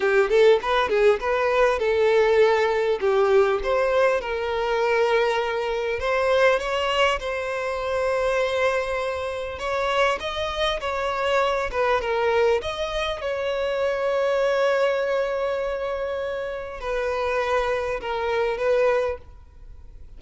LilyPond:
\new Staff \with { instrumentName = "violin" } { \time 4/4 \tempo 4 = 100 g'8 a'8 b'8 gis'8 b'4 a'4~ | a'4 g'4 c''4 ais'4~ | ais'2 c''4 cis''4 | c''1 |
cis''4 dis''4 cis''4. b'8 | ais'4 dis''4 cis''2~ | cis''1 | b'2 ais'4 b'4 | }